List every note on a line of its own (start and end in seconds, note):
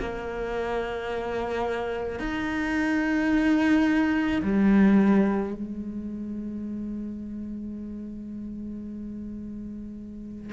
0.00 2.19 A#3
2.19 4.41 D#4
4.42 5.54 G3
5.54 10.53 G#3